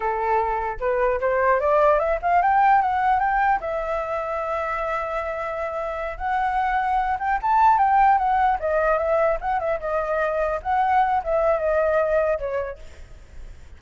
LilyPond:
\new Staff \with { instrumentName = "flute" } { \time 4/4 \tempo 4 = 150 a'2 b'4 c''4 | d''4 e''8 f''8 g''4 fis''4 | g''4 e''2.~ | e''2.~ e''8 fis''8~ |
fis''2 g''8 a''4 g''8~ | g''8 fis''4 dis''4 e''4 fis''8 | e''8 dis''2 fis''4. | e''4 dis''2 cis''4 | }